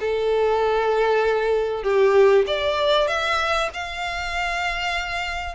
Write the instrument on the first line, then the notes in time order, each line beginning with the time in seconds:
violin
0.00 A4
1.83 G4
2.47 D5
3.08 E5
3.73 F5